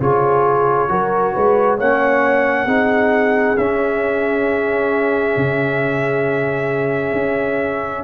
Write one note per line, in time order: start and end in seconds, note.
0.00 0.90 C#3
0.00 0.89 F4
0.00 0.90 G#4
0.00 1.79 C#5
0.89 1.35 F#3
0.89 1.78 F#4
0.89 1.34 A#4
1.34 1.80 G#3
1.34 1.78 B4
1.78 2.66 A#3
1.78 2.67 C#4
1.78 2.66 C#5
1.78 3.57 F#5
2.66 3.56 C4
2.66 3.57 D#4
2.66 8.03 G#4
3.57 5.37 C#4
3.57 8.04 C#4
3.57 8.04 E5
5.37 7.13 C#3
7.13 8.02 C#4